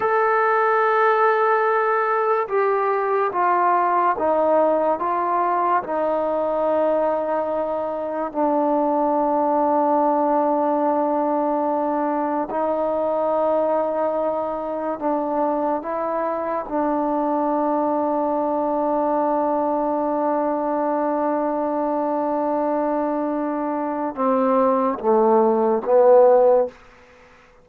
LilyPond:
\new Staff \with { instrumentName = "trombone" } { \time 4/4 \tempo 4 = 72 a'2. g'4 | f'4 dis'4 f'4 dis'4~ | dis'2 d'2~ | d'2. dis'4~ |
dis'2 d'4 e'4 | d'1~ | d'1~ | d'4 c'4 a4 b4 | }